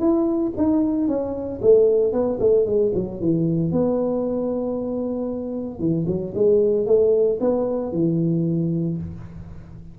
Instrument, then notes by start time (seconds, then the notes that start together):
tuba
0.00 E4
0.57 D#4
1.08 C#4
1.62 A3
2.13 B3
2.40 A3
2.66 G#3
2.95 F#3
3.21 E3
3.72 B3
5.80 E3
6.07 F#3
6.35 G#3
6.87 A3
7.40 B3
7.92 E3